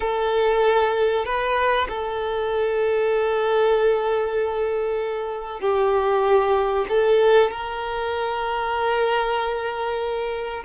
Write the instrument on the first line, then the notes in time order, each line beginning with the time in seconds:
violin
0.00 A4
1.25 B4
1.89 A4
5.60 G4
6.88 A4
7.51 A#4